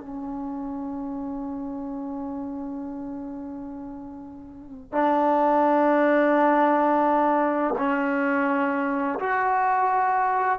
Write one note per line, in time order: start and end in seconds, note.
0.00 4.92 C#4
4.92 7.75 D4
7.78 9.19 C#4
9.19 10.59 F#4